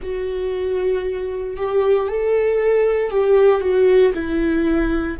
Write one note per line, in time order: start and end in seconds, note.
0.02 1.57 F#4
1.57 2.08 G4
2.08 3.10 A4
3.10 3.60 G4
3.60 4.12 F#4
4.14 5.17 E4